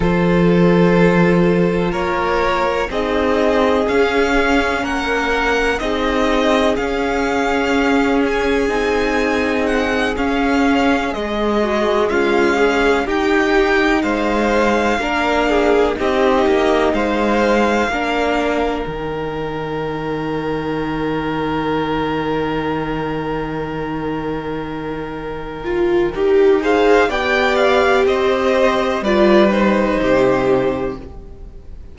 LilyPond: <<
  \new Staff \with { instrumentName = "violin" } { \time 4/4 \tempo 4 = 62 c''2 cis''4 dis''4 | f''4 fis''4 dis''4 f''4~ | f''8 gis''4. fis''8 f''4 dis''8~ | dis''8 f''4 g''4 f''4.~ |
f''8 dis''4 f''2 g''8~ | g''1~ | g''2.~ g''8 f''8 | g''8 f''8 dis''4 d''8 c''4. | }
  \new Staff \with { instrumentName = "violin" } { \time 4/4 a'2 ais'4 gis'4~ | gis'4 ais'4 gis'2~ | gis'1 | fis'8 f'8 gis'8 g'4 c''4 ais'8 |
gis'8 g'4 c''4 ais'4.~ | ais'1~ | ais'2.~ ais'8 c''8 | d''4 c''4 b'4 g'4 | }
  \new Staff \with { instrumentName = "viola" } { \time 4/4 f'2. dis'4 | cis'2 dis'4 cis'4~ | cis'4 dis'4. cis'4 gis8~ | gis4. dis'2 d'8~ |
d'8 dis'2 d'4 dis'8~ | dis'1~ | dis'2~ dis'8 f'8 g'8 gis'8 | g'2 f'8 dis'4. | }
  \new Staff \with { instrumentName = "cello" } { \time 4/4 f2 ais4 c'4 | cis'4 ais4 c'4 cis'4~ | cis'4 c'4. cis'4 gis8~ | gis8 cis'4 dis'4 gis4 ais8~ |
ais8 c'8 ais8 gis4 ais4 dis8~ | dis1~ | dis2. dis'4 | b4 c'4 g4 c4 | }
>>